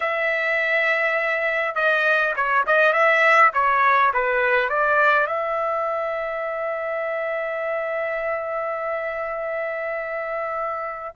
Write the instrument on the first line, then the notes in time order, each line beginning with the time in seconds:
trumpet
0.00 E5
1.75 D#5
2.36 C#5
2.66 D#5
2.93 E5
3.53 C#5
4.13 B4
4.69 D5
5.26 E5